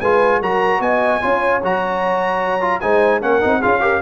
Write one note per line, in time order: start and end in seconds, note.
0.00 0.41 G#3
0.00 0.43 F4
0.00 0.40 B4
0.00 0.40 G#5
0.40 0.80 F#3
0.40 1.21 F#4
0.40 0.80 A#4
0.40 0.81 A#5
0.80 1.20 B3
0.80 1.21 D#5
0.80 1.61 G#5
1.21 1.63 C#4
1.21 1.61 F4
1.21 2.81 C#5
1.63 2.83 F#3
1.63 2.61 F#4
1.63 2.80 A#5
2.61 2.81 F4
2.80 3.22 G#3
2.80 3.21 D#4
2.80 3.22 C5
2.80 3.20 G#5
3.21 3.42 A#3
3.21 3.41 C#4
3.21 3.60 A#4
3.21 3.62 F#5
3.41 3.64 C4
3.41 3.61 D#4
3.60 4.02 C#4
3.60 3.80 F4
3.60 3.80 G#4
3.60 4.02 F5
3.80 4.00 G4
3.80 4.02 A#4